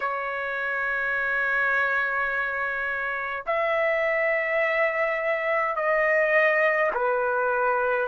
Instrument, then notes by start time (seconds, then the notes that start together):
trumpet
0.00 C#5
3.46 E5
5.75 D#5
6.94 B4